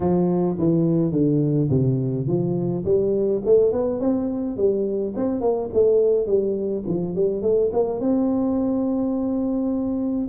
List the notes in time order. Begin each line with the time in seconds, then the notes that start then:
0.00 F3
0.58 E3
1.11 D3
1.70 C3
2.27 F3
2.84 G3
3.45 A3
3.72 B3
3.99 C4
4.57 G3
5.16 C4
5.41 A#3
5.73 A3
6.26 G3
6.87 F3
7.15 G3
7.42 A3
7.72 A#3
7.99 C4